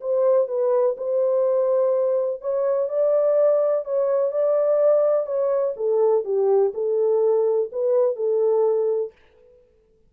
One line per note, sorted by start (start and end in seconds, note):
0.00 0.47 C5
0.47 0.95 B4
0.97 2.41 C5
2.41 2.88 C#5
2.88 3.84 D5
3.84 4.31 C#5
4.31 5.26 D5
5.26 5.74 C#5
5.76 6.24 A4
6.24 6.72 G4
6.74 7.70 A4
7.71 8.16 B4
8.16 9.12 A4